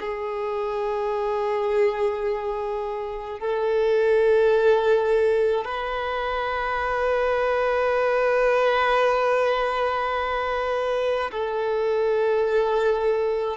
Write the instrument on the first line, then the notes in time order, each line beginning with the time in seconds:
violin
0.00 G#4
3.40 A4
5.65 B4
11.32 A4